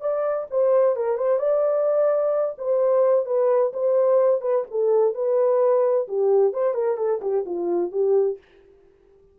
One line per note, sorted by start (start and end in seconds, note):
0.00 0.47 D5
0.50 0.96 C5
0.96 1.17 A#4
1.17 1.38 C5
1.38 2.55 D5
2.58 3.25 C5
3.25 3.72 B4
3.73 4.41 C5
4.41 4.64 B4
4.71 5.14 A4
5.14 6.07 B4
6.08 6.53 G4
6.53 6.74 C5
6.74 6.97 A#4
6.97 7.20 A4
7.21 7.45 G4
7.45 7.91 F4
7.91 8.38 G4